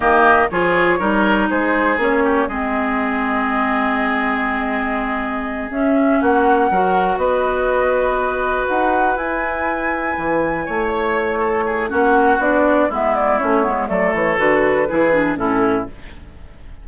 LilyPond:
<<
  \new Staff \with { instrumentName = "flute" } { \time 4/4 \tempo 4 = 121 dis''4 cis''2 c''4 | cis''4 dis''2.~ | dis''2.~ dis''8 e''8~ | e''8 fis''2 dis''4.~ |
dis''4. fis''4 gis''4.~ | gis''2 cis''2 | fis''4 d''4 e''8 d''8 cis''4 | d''8 cis''8 b'2 a'4 | }
  \new Staff \with { instrumentName = "oboe" } { \time 4/4 g'4 gis'4 ais'4 gis'4~ | gis'8 g'8 gis'2.~ | gis'1~ | gis'8 fis'4 ais'4 b'4.~ |
b'1~ | b'4. cis''4. a'8 gis'8 | fis'2 e'2 | a'2 gis'4 e'4 | }
  \new Staff \with { instrumentName = "clarinet" } { \time 4/4 ais4 f'4 dis'2 | cis'4 c'2.~ | c'2.~ c'8 cis'8~ | cis'4. fis'2~ fis'8~ |
fis'2~ fis'8 e'4.~ | e'1 | cis'4 d'4 b4 cis'8 b8 | a4 fis'4 e'8 d'8 cis'4 | }
  \new Staff \with { instrumentName = "bassoon" } { \time 4/4 dis4 f4 g4 gis4 | ais4 gis2.~ | gis2.~ gis8 cis'8~ | cis'8 ais4 fis4 b4.~ |
b4. dis'4 e'4.~ | e'8 e4 a2~ a8 | ais4 b4 gis4 a8 gis8 | fis8 e8 d4 e4 a,4 | }
>>